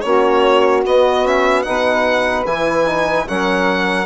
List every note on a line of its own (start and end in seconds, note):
0.00 0.84 A#3
0.00 0.84 C#4
0.00 1.65 F#4
0.00 0.81 C#5
0.84 1.24 B3
0.84 1.66 B3
0.84 1.26 D#5
1.24 1.64 C#4
1.24 1.62 E5
1.62 2.45 B2
1.62 2.45 D#4
1.62 3.28 B4
1.62 2.43 F#5
2.45 3.26 E3
2.45 2.85 E4
2.45 3.27 G#5
2.85 3.26 D#4
3.27 4.06 F#3
3.27 4.06 C#4
3.27 4.06 A#4
3.27 4.06 F#5